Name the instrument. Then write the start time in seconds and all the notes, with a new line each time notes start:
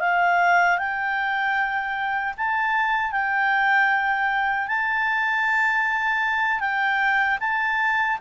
clarinet
0.00 F5
0.78 G5
2.37 A5
3.12 G5
4.68 A5
6.60 G5
7.40 A5